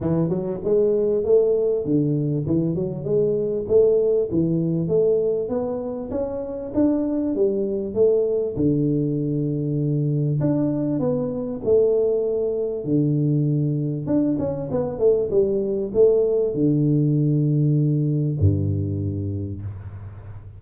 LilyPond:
\new Staff \with { instrumentName = "tuba" } { \time 4/4 \tempo 4 = 98 e8 fis8 gis4 a4 d4 | e8 fis8 gis4 a4 e4 | a4 b4 cis'4 d'4 | g4 a4 d2~ |
d4 d'4 b4 a4~ | a4 d2 d'8 cis'8 | b8 a8 g4 a4 d4~ | d2 g,2 | }